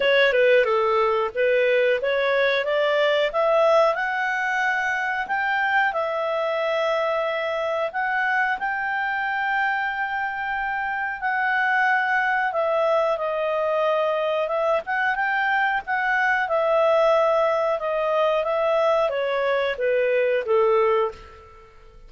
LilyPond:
\new Staff \with { instrumentName = "clarinet" } { \time 4/4 \tempo 4 = 91 cis''8 b'8 a'4 b'4 cis''4 | d''4 e''4 fis''2 | g''4 e''2. | fis''4 g''2.~ |
g''4 fis''2 e''4 | dis''2 e''8 fis''8 g''4 | fis''4 e''2 dis''4 | e''4 cis''4 b'4 a'4 | }